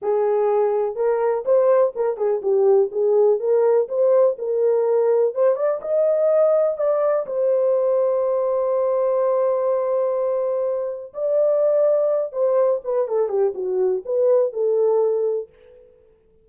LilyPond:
\new Staff \with { instrumentName = "horn" } { \time 4/4 \tempo 4 = 124 gis'2 ais'4 c''4 | ais'8 gis'8 g'4 gis'4 ais'4 | c''4 ais'2 c''8 d''8 | dis''2 d''4 c''4~ |
c''1~ | c''2. d''4~ | d''4. c''4 b'8 a'8 g'8 | fis'4 b'4 a'2 | }